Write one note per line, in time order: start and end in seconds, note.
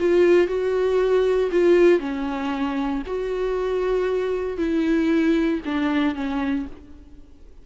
0.00 0.48 F4
0.48 1.50 F#4
1.52 2.00 F4
2.00 3.03 C#4
3.07 4.58 F#4
4.58 5.61 E4
5.65 6.15 D4
6.15 6.67 C#4